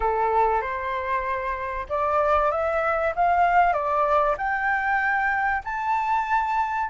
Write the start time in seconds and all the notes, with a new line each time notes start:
0.00 A4
0.61 C5
1.89 D5
2.51 E5
3.15 F5
3.73 D5
4.37 G5
5.64 A5